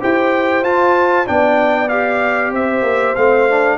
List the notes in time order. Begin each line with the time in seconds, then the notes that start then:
0.00 E4 G4 C5 G5
0.63 F4 A5
1.26 B3 D4 D5 G5
1.88 G4 F5
2.51 C4 C5 E5
2.82 A#3
3.15 A3 C4 F5
3.49 D4